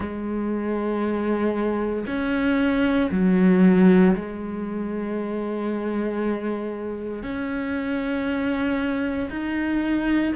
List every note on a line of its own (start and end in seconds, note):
0.00 2.05 G#3
2.06 3.10 C#4
3.11 4.14 F#3
4.15 7.22 G#3
7.22 9.29 C#4
9.30 10.33 D#4